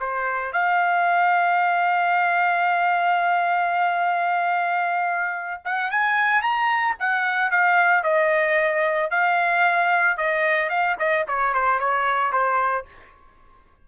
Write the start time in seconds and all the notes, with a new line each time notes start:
0.00 C5
0.53 F5
5.65 F#5
5.91 G#5
6.42 A#5
6.99 F#5
7.51 F5
8.04 D#5
9.11 F5
10.18 D#5
10.69 F5
10.99 D#5
11.28 C#5
11.54 C5
11.79 C#5
12.32 C5